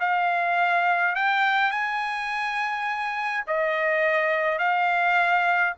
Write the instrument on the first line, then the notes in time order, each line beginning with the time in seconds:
trumpet
0.00 F5
1.15 G5
1.71 G#5
3.47 D#5
4.59 F5